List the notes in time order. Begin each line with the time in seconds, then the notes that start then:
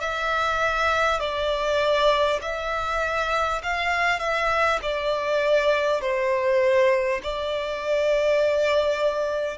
0.00 E5
1.19 D5
2.41 E5
3.63 F5
4.19 E5
4.82 D5
6.01 C5
7.23 D5